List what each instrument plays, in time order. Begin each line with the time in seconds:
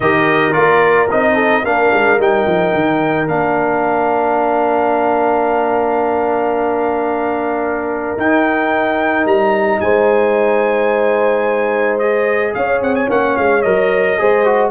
0.00 tuba D#3, trombone G4, horn A#4, trumpet D#5
0.52 tuba A#3, trombone F4, trumpet D5
1.10 tuba C4, trombone D#4, trumpet D#5
1.34 horn A4
1.62 tuba A#3, trombone D4, horn A#4, trumpet F5
1.93 tuba G#3
2.18 tuba G3, trombone D#4, trumpet G5
2.46 tuba F3
2.74 tuba D#3
3.27 tuba A#3, trombone D4, trumpet F5
8.16 tuba D#4, trombone D#4, trumpet G5
9.24 tuba G3, trumpet A#5
9.80 tuba G#3, horn C5, trumpet G#5
11.98 trombone G#4, trumpet D#5
12.54 tuba C#4, horn C#5, trumpet F5
12.80 tuba C4, trumpet F#5
12.95 trumpet G#5
13.07 tuba A#3, trombone C#4, trumpet F#5
13.36 tuba G#3, trumpet F5
13.62 tuba F#3, trombone A#4, trumpet D#5
14.18 tuba G#3, trombone G#4, horn C5
14.45 trombone F#4